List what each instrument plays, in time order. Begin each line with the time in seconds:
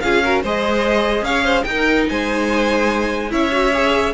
0.00 cello C#4, viola F4, violin G#4 F5
0.23 viola F#4, violin A#4
0.42 cello G#3, viola G#4, violin C5 D#5
1.22 cello C#4, violin C#5 F5
1.44 violin C5
1.64 cello D#4, viola D#4, violin G5
1.70 violin A#4
2.09 cello G#3, violin C5 G#5
3.30 cello C#4, viola E4, violin C#5 E5
3.51 viola F#4
3.73 viola G#4